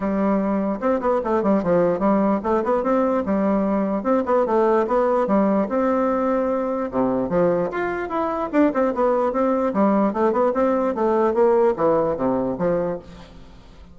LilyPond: \new Staff \with { instrumentName = "bassoon" } { \time 4/4 \tempo 4 = 148 g2 c'8 b8 a8 g8 | f4 g4 a8 b8 c'4 | g2 c'8 b8 a4 | b4 g4 c'2~ |
c'4 c4 f4 f'4 | e'4 d'8 c'8 b4 c'4 | g4 a8 b8 c'4 a4 | ais4 e4 c4 f4 | }